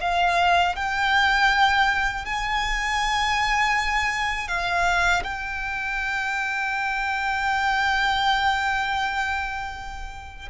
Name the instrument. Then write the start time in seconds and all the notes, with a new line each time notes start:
violin
0.00 F5
0.75 G5
2.25 G#5
4.47 F5
5.23 G5